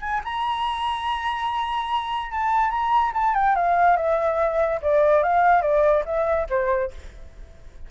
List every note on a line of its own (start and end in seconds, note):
0.00 0.21 G#5
0.24 2.31 A#5
2.31 2.70 A5
2.70 3.12 A#5
3.13 3.34 A5
3.34 3.55 G5
3.55 3.96 F5
3.96 4.80 E5
4.81 5.23 D5
5.23 5.62 F5
5.62 6.03 D5
6.05 6.47 E5
6.49 6.91 C5